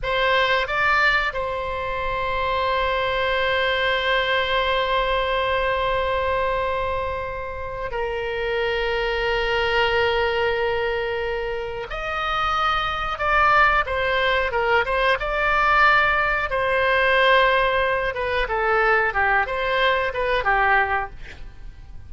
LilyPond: \new Staff \with { instrumentName = "oboe" } { \time 4/4 \tempo 4 = 91 c''4 d''4 c''2~ | c''1~ | c''1 | ais'1~ |
ais'2 dis''2 | d''4 c''4 ais'8 c''8 d''4~ | d''4 c''2~ c''8 b'8 | a'4 g'8 c''4 b'8 g'4 | }